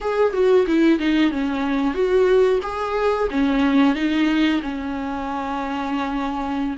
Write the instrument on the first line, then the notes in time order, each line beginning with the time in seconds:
viola
0.00 G#4
0.33 F#4
0.66 E4
0.99 D#4
1.31 C#4
1.93 F#4
2.62 G#4
3.30 C#4
3.95 D#4
4.62 C#4